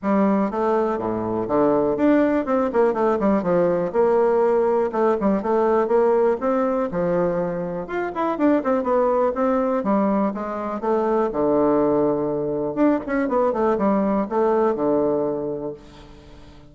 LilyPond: \new Staff \with { instrumentName = "bassoon" } { \time 4/4 \tempo 4 = 122 g4 a4 a,4 d4 | d'4 c'8 ais8 a8 g8 f4 | ais2 a8 g8 a4 | ais4 c'4 f2 |
f'8 e'8 d'8 c'8 b4 c'4 | g4 gis4 a4 d4~ | d2 d'8 cis'8 b8 a8 | g4 a4 d2 | }